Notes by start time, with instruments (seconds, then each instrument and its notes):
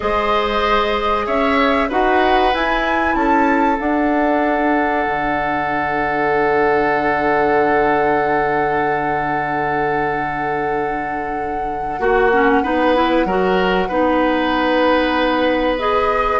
0.00 bassoon G#3, clarinet G#4, oboe C5, flute D#5
1.26 bassoon C#4, oboe C#5, flute E5
1.88 bassoon D#4, clarinet F#4, oboe B4, flute F#5
2.52 clarinet E4, bassoon E4, flute G#5
3.15 bassoon C#4, oboe A4, flute A5
3.77 clarinet D4, bassoon D4, flute F#5
5.06 bassoon D3
11.98 bassoon A#3, clarinet F#4, oboe F#4
12.32 clarinet C#4
12.62 bassoon B3, clarinet D#4, oboe B4
12.95 clarinet E4
13.25 bassoon F#3, clarinet F#4, oboe A#4
13.88 bassoon B3, clarinet D#4, oboe B4
15.78 clarinet G#4, flute D#5